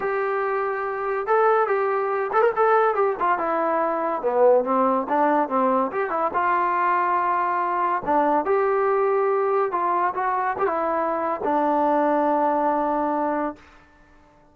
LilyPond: \new Staff \with { instrumentName = "trombone" } { \time 4/4 \tempo 4 = 142 g'2. a'4 | g'4. a'16 ais'16 a'4 g'8 f'8 | e'2 b4 c'4 | d'4 c'4 g'8 e'8 f'4~ |
f'2. d'4 | g'2. f'4 | fis'4 g'16 e'4.~ e'16 d'4~ | d'1 | }